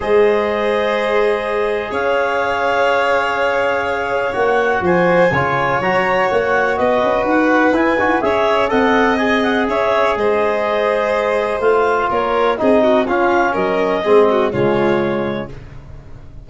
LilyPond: <<
  \new Staff \with { instrumentName = "clarinet" } { \time 4/4 \tempo 4 = 124 dis''1 | f''1~ | f''4 fis''4 gis''2 | ais''4 fis''4 dis''4 fis''4 |
gis''4 e''4 fis''4 gis''8 fis''8 | e''4 dis''2. | f''4 cis''4 dis''4 f''4 | dis''2 cis''2 | }
  \new Staff \with { instrumentName = "violin" } { \time 4/4 c''1 | cis''1~ | cis''2 c''4 cis''4~ | cis''2 b'2~ |
b'4 cis''4 dis''2 | cis''4 c''2.~ | c''4 ais'4 gis'8 fis'8 f'4 | ais'4 gis'8 fis'8 f'2 | }
  \new Staff \with { instrumentName = "trombone" } { \time 4/4 gis'1~ | gis'1~ | gis'4 fis'2 f'4 | fis'1 |
e'8 fis'8 gis'4 a'4 gis'4~ | gis'1 | f'2 dis'4 cis'4~ | cis'4 c'4 gis2 | }
  \new Staff \with { instrumentName = "tuba" } { \time 4/4 gis1 | cis'1~ | cis'4 ais4 f4 cis4 | fis4 ais4 b8 cis'8 dis'4 |
e'8 dis'16 e'16 cis'4 c'2 | cis'4 gis2. | a4 ais4 c'4 cis'4 | fis4 gis4 cis2 | }
>>